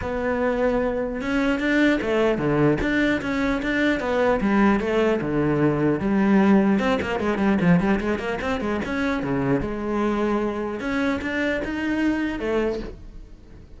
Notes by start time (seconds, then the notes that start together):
0.01 B3
1.21 C#4
1.59 D4
2.01 A3
2.37 D3
2.81 D4
3.21 C#4
3.62 D4
3.99 B3
4.41 G3
4.80 A3
5.21 D3
6.00 G3
6.79 C4
7.01 A#3
7.19 G#3
7.38 G3
7.61 F3
7.80 G3
8.00 G#3
8.19 A#3
8.41 C4
8.60 G#3
8.85 C#4
9.22 C#3
9.60 G#3
10.79 C#4
11.21 D4
11.64 D#4
12.39 A3